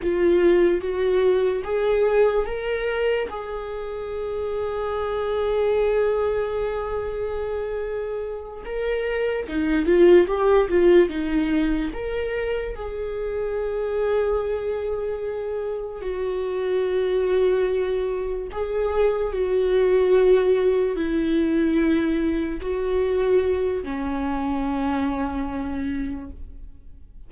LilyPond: \new Staff \with { instrumentName = "viola" } { \time 4/4 \tempo 4 = 73 f'4 fis'4 gis'4 ais'4 | gis'1~ | gis'2~ gis'8 ais'4 dis'8 | f'8 g'8 f'8 dis'4 ais'4 gis'8~ |
gis'2.~ gis'8 fis'8~ | fis'2~ fis'8 gis'4 fis'8~ | fis'4. e'2 fis'8~ | fis'4 cis'2. | }